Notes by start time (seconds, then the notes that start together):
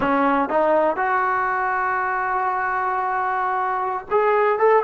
0.00 C#4
0.49 D#4
0.96 F#4
4.10 G#4
4.58 A4